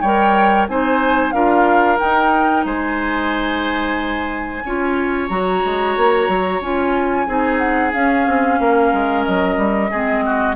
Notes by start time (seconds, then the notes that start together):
0.00 G3 A#4 C#5 G5
0.67 C4 D#4 C5 G#5
1.31 D4 F4 A#4 F5
1.97 D#4 G5
2.65 G#3 C5 G#5
4.64 C#4 F4 C#5
5.28 F#3 F#4 A#5
5.64 G#3
5.96 A#3
6.28 F#3
6.60 C#4 F4 G#5
7.27 C4 D#4 G#4
7.58 F#5
7.92 C#4 F5
8.27 C4
8.59 A#3 A#4
8.93 G#3
9.24 F#3 D#5
9.57 G3
9.90 G#3 C4 G#4
10.25 F#4